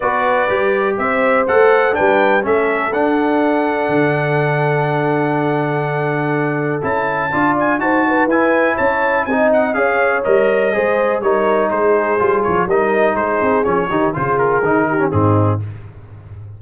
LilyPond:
<<
  \new Staff \with { instrumentName = "trumpet" } { \time 4/4 \tempo 4 = 123 d''2 e''4 fis''4 | g''4 e''4 fis''2~ | fis''1~ | fis''2 a''4. gis''8 |
a''4 gis''4 a''4 gis''8 fis''8 | f''4 dis''2 cis''4 | c''4. cis''8 dis''4 c''4 | cis''4 c''8 ais'4. gis'4 | }
  \new Staff \with { instrumentName = "horn" } { \time 4/4 b'2 c''2 | b'4 a'2.~ | a'1~ | a'2. d''4 |
c''8 b'4. cis''4 dis''4 | cis''2 c''4 ais'4 | gis'2 ais'4 gis'4~ | gis'8 g'8 gis'4. g'8 dis'4 | }
  \new Staff \with { instrumentName = "trombone" } { \time 4/4 fis'4 g'2 a'4 | d'4 cis'4 d'2~ | d'1~ | d'2 e'4 f'4 |
fis'4 e'2 dis'4 | gis'4 ais'4 gis'4 dis'4~ | dis'4 f'4 dis'2 | cis'8 dis'8 f'4 dis'8. cis'16 c'4 | }
  \new Staff \with { instrumentName = "tuba" } { \time 4/4 b4 g4 c'4 a4 | g4 a4 d'2 | d1~ | d2 cis'4 d'4 |
dis'4 e'4 cis'4 c'4 | cis'4 g4 gis4 g4 | gis4 g8 f8 g4 gis8 c'8 | f8 dis8 cis4 dis4 gis,4 | }
>>